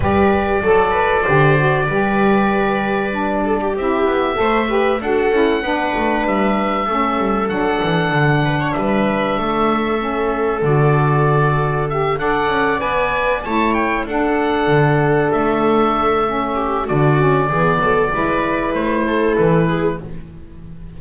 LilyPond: <<
  \new Staff \with { instrumentName = "oboe" } { \time 4/4 \tempo 4 = 96 d''1~ | d''2 e''2 | fis''2 e''2 | fis''2 e''2~ |
e''4 d''2 e''8 fis''8~ | fis''8 gis''4 a''8 g''8 fis''4.~ | fis''8 e''2~ e''8 d''4~ | d''2 c''4 b'4 | }
  \new Staff \with { instrumentName = "viola" } { \time 4/4 b'4 a'8 b'8 c''4 b'4~ | b'4. a'16 g'4~ g'16 c''8 b'8 | a'4 b'2 a'4~ | a'4. b'16 cis''16 b'4 a'4~ |
a'2.~ a'8 d''8~ | d''4. cis''4 a'4.~ | a'2~ a'8 g'8 fis'4 | gis'8 a'8 b'4. a'4 gis'8 | }
  \new Staff \with { instrumentName = "saxophone" } { \time 4/4 g'4 a'4 g'8 fis'8 g'4~ | g'4 d'4 e'4 a'8 g'8 | fis'8 e'8 d'2 cis'4 | d'1 |
cis'4 fis'2 g'8 a'8~ | a'8 b'4 e'4 d'4.~ | d'2 cis'4 d'8 cis'8 | b4 e'2. | }
  \new Staff \with { instrumentName = "double bass" } { \time 4/4 g4 fis4 d4 g4~ | g2 c'8 b8 a4 | d'8 cis'8 b8 a8 g4 a8 g8 | fis8 e8 d4 g4 a4~ |
a4 d2~ d8 d'8 | cis'8 b4 a4 d'4 d8~ | d8 a2~ a8 d4 | e8 fis8 gis4 a4 e4 | }
>>